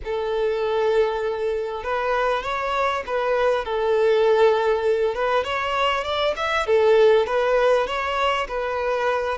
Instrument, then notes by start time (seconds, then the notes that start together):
violin
0.04 A4
1.83 B4
2.42 C#5
3.06 B4
3.64 A4
5.14 B4
5.44 C#5
6.04 D5
6.36 E5
6.66 A4
7.26 B4
7.86 C#5
8.48 B4